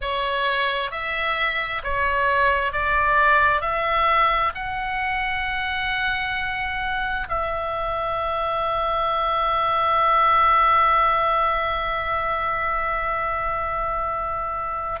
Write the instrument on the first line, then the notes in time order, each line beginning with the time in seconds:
oboe
0.01 C#5
0.91 E5
1.83 C#5
2.72 D5
3.61 E5
4.55 F#5
7.29 E5